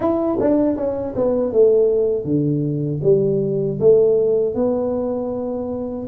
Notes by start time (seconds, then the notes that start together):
0.00 E4
0.40 D4
0.76 C#4
1.15 B3
1.52 A3
2.24 D3
3.03 G3
3.80 A3
4.55 B3